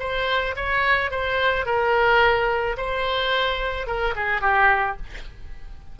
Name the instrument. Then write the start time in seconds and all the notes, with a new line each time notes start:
oboe
0.00 C5
0.57 C#5
1.11 C5
1.66 A#4
2.78 C5
3.87 A#4
4.16 G#4
4.42 G4